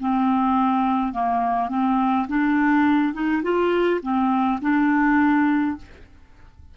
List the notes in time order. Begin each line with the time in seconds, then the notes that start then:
0.00 C4
1.13 A#3
1.69 C4
2.28 D4
3.14 D#4
3.43 F4
4.02 C4
4.62 D4